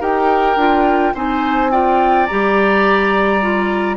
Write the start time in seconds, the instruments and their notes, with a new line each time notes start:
0.00 bassoon D#4, clarinet G4, oboe A#4, flute G5
0.56 bassoon D4, clarinet F4
1.14 bassoon C4, clarinet D#4, oboe C5, flute G#5
1.71 clarinet F4, oboe D5, flute G5
2.26 bassoon G3, clarinet G4, flute A#5
3.42 clarinet F4